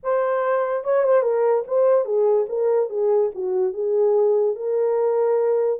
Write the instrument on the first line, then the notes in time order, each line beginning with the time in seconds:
horn
0.03 C5
0.84 C#5
1.03 C5
1.22 A#4
1.67 C5
2.05 G#4
2.48 A#4
2.89 G#4
3.34 F#4
3.73 G#4
4.55 A#4